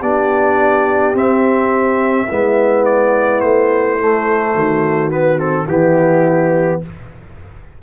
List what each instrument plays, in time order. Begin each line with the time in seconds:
0.00 tuba B3, trombone D4, horn G4, trumpet D5
1.14 tuba C4, trombone C4, trumpet E5
2.28 tuba G#3, trombone B3, horn E4
2.85 trumpet D5
3.40 tuba A3, trumpet C5
3.99 trombone A3
4.54 tuba D#3, horn F#4
5.11 trombone B3, trumpet B4
5.37 trombone C4, trumpet A4
5.67 tuba E3, trombone B3, horn E4, trumpet G4